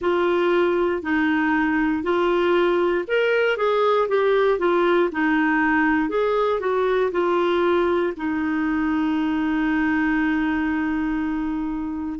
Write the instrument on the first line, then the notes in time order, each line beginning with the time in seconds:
clarinet
0.01 F4
1.02 D#4
2.03 F4
3.07 A#4
3.57 G#4
4.08 G4
4.59 F4
5.11 D#4
6.09 G#4
6.60 F#4
7.11 F4
8.16 D#4